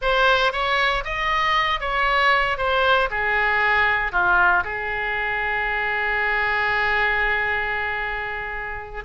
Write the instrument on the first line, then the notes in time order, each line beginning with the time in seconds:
oboe
0.01 C5
0.52 C#5
1.04 D#5
1.80 C#5
2.57 C5
3.10 G#4
4.12 F4
4.64 G#4